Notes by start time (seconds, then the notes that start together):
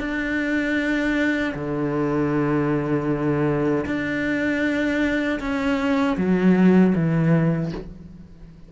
0.00 D4
1.55 D3
3.86 D4
5.40 C#4
6.17 F#3
6.95 E3